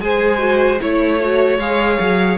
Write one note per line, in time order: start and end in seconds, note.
0.00 0.79 G#3
0.00 0.38 G#4
0.00 0.81 C5
0.00 0.79 G#5
0.38 0.77 F#4
0.80 1.58 A3
0.80 1.19 E4
0.80 2.37 C#5
0.80 1.59 C#5
1.19 1.59 F#4
1.58 1.98 G#3
1.58 2.37 G#4
1.58 2.37 F5
1.99 2.37 F#3